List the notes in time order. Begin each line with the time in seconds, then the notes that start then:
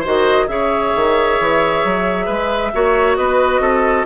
0.00 D#3 F#4 C5
0.06 D#5
0.48 C#3 G#4 C#5 E5
0.95 D#3
1.40 E3
1.84 F#3
2.26 G#3 B4
2.74 A#3 F#4 C#5
3.16 B3 B4 D#5
3.60 C4 A4